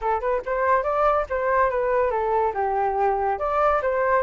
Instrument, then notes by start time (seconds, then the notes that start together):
flute
0.01 A4
0.20 B4
0.45 C5
0.83 D5
1.29 C5
1.70 B4
2.10 A4
2.54 G4
3.39 D5
3.82 C5